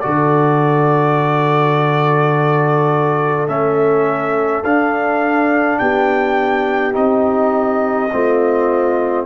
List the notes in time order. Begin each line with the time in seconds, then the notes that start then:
0.00 D3 F#4 A4 D5
3.48 A3 C#4 E5
4.63 D4 F5
5.78 B3 G4 G5
6.92 C4 D#4 D#5
8.12 A3 C4 F4